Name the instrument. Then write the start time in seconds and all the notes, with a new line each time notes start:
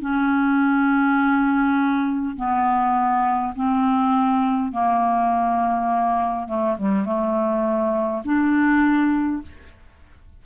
clarinet
0.00 C#4
2.36 B3
3.55 C4
4.71 A#3
6.47 A3
6.77 G3
7.05 A3
8.24 D4